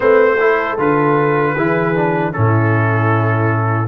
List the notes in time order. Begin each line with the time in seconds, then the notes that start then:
0.00 A3 C4 B4 C5
0.39 E4 A4
0.78 D3 F4 B4
1.54 E3 E4 G#4
1.95 D4
2.32 A2 C#4 E4 A4